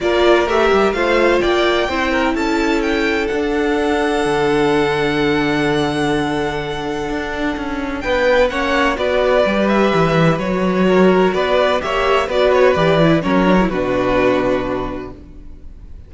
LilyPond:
<<
  \new Staff \with { instrumentName = "violin" } { \time 4/4 \tempo 4 = 127 d''4 e''4 f''4 g''4~ | g''4 a''4 g''4 fis''4~ | fis''1~ | fis''1~ |
fis''4 g''4 fis''4 d''4~ | d''8 e''4. cis''2 | d''4 e''4 d''8 cis''8 d''4 | cis''4 b'2. | }
  \new Staff \with { instrumentName = "violin" } { \time 4/4 ais'2 c''4 d''4 | c''8 ais'8 a'2.~ | a'1~ | a'1~ |
a'4 b'4 cis''4 b'4~ | b'2. ais'4 | b'4 cis''4 b'2 | ais'4 fis'2. | }
  \new Staff \with { instrumentName = "viola" } { \time 4/4 f'4 g'4 f'2 | e'2. d'4~ | d'1~ | d'1~ |
d'2 cis'4 fis'4 | g'2 fis'2~ | fis'4 g'4 fis'4 g'8 e'8 | cis'8 d'16 e'16 d'2. | }
  \new Staff \with { instrumentName = "cello" } { \time 4/4 ais4 a8 g8 a4 ais4 | c'4 cis'2 d'4~ | d'4 d2.~ | d2. d'4 |
cis'4 b4 ais4 b4 | g4 e4 fis2 | b4 ais4 b4 e4 | fis4 b,2. | }
>>